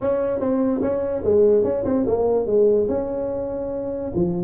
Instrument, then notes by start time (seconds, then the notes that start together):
tuba
0.01 C#4
0.40 C4
0.81 C#4
1.24 G#3
1.63 C#4
1.85 C4
2.07 A#3
2.46 G#3
2.88 C#4
4.15 F3